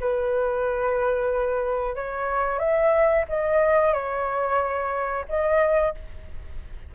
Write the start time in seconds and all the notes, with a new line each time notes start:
0.00 B4
1.95 C#5
2.59 E5
3.28 D#5
3.93 C#5
5.28 D#5